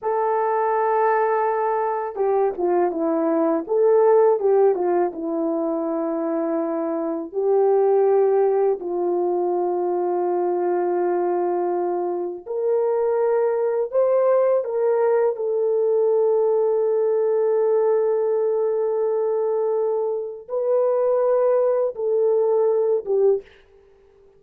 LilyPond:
\new Staff \with { instrumentName = "horn" } { \time 4/4 \tempo 4 = 82 a'2. g'8 f'8 | e'4 a'4 g'8 f'8 e'4~ | e'2 g'2 | f'1~ |
f'4 ais'2 c''4 | ais'4 a'2.~ | a'1 | b'2 a'4. g'8 | }